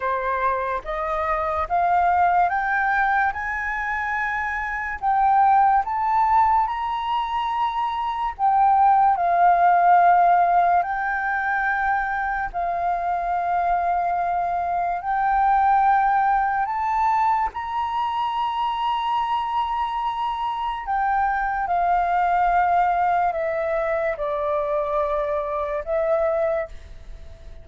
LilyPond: \new Staff \with { instrumentName = "flute" } { \time 4/4 \tempo 4 = 72 c''4 dis''4 f''4 g''4 | gis''2 g''4 a''4 | ais''2 g''4 f''4~ | f''4 g''2 f''4~ |
f''2 g''2 | a''4 ais''2.~ | ais''4 g''4 f''2 | e''4 d''2 e''4 | }